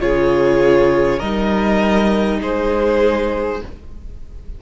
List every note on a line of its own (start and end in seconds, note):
0.00 1.21 C#3
0.00 1.20 F4
0.00 1.18 G#4
0.00 1.19 C#5
1.18 2.41 G3
1.18 3.62 D#4
1.18 2.38 A#4
1.18 2.39 D#5
2.41 3.61 G#3
2.41 3.61 G#4
2.41 3.62 C5